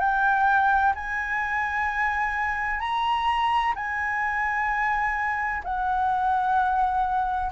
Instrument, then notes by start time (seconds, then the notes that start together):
flute
0.00 G5
0.95 G#5
2.80 A#5
3.75 G#5
5.64 F#5